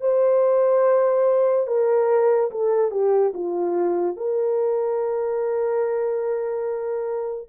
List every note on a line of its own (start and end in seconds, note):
0.00 1.67 C5
1.67 2.50 A#4
2.51 2.91 A4
2.91 3.32 G4
3.33 4.16 F4
4.16 7.48 A#4